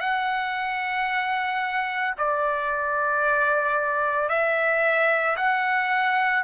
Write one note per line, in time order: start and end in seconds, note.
0.00 2.14 F#5
2.18 4.29 D5
4.29 5.36 E5
5.37 6.43 F#5